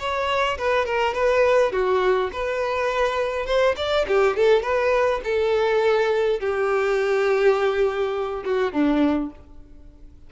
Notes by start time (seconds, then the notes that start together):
0.00 C#5
0.59 B4
0.86 A#4
1.14 B4
1.72 F#4
2.33 B4
3.47 C5
3.77 D5
4.09 G4
4.37 A4
4.63 B4
5.24 A4
6.41 G4
8.45 F#4
8.73 D4